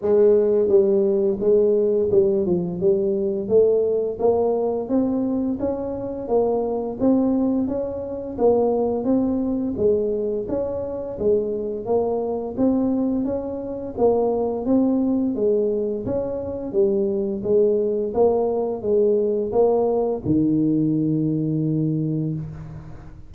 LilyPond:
\new Staff \with { instrumentName = "tuba" } { \time 4/4 \tempo 4 = 86 gis4 g4 gis4 g8 f8 | g4 a4 ais4 c'4 | cis'4 ais4 c'4 cis'4 | ais4 c'4 gis4 cis'4 |
gis4 ais4 c'4 cis'4 | ais4 c'4 gis4 cis'4 | g4 gis4 ais4 gis4 | ais4 dis2. | }